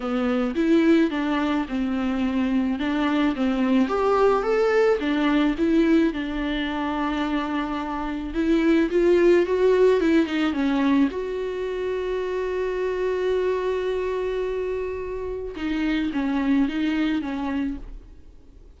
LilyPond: \new Staff \with { instrumentName = "viola" } { \time 4/4 \tempo 4 = 108 b4 e'4 d'4 c'4~ | c'4 d'4 c'4 g'4 | a'4 d'4 e'4 d'4~ | d'2. e'4 |
f'4 fis'4 e'8 dis'8 cis'4 | fis'1~ | fis'1 | dis'4 cis'4 dis'4 cis'4 | }